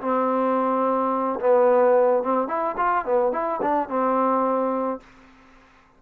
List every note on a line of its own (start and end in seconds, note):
0.00 1.39 C4
1.39 2.22 B3
2.22 2.47 C4
2.47 2.75 E4
2.77 3.05 F4
3.05 3.32 B3
3.32 3.60 E4
3.61 3.88 D4
3.88 4.99 C4